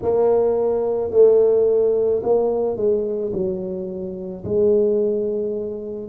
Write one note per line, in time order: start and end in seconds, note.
0.02 1.11 A#3
1.11 2.22 A3
2.22 2.76 A#3
2.76 3.32 G#3
3.32 4.43 F#3
4.44 6.09 G#3